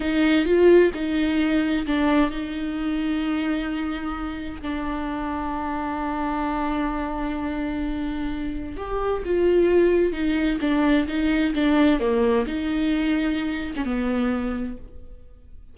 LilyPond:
\new Staff \with { instrumentName = "viola" } { \time 4/4 \tempo 4 = 130 dis'4 f'4 dis'2 | d'4 dis'2.~ | dis'2 d'2~ | d'1~ |
d'2. g'4 | f'2 dis'4 d'4 | dis'4 d'4 ais4 dis'4~ | dis'4.~ dis'16 cis'16 b2 | }